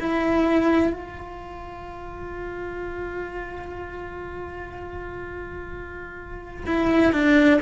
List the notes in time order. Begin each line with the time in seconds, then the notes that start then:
0.00 E4
0.93 F4
6.67 E4
7.13 D4